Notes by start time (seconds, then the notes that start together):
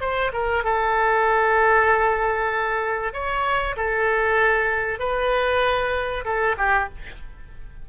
0.00 C5
0.32 A#4
0.64 A4
3.13 C#5
3.76 A4
4.99 B4
6.24 A4
6.57 G4